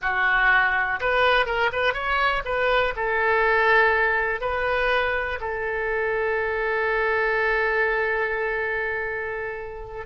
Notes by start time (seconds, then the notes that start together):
0.01 F#4
1.00 B4
1.46 A#4
1.72 B4
1.93 C#5
2.44 B4
2.96 A4
4.41 B4
5.40 A4